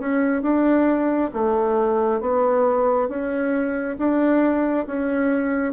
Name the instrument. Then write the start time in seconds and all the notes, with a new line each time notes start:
bassoon
0.00 C#4
0.43 D4
1.34 A3
2.21 B3
3.09 C#4
3.99 D4
4.87 C#4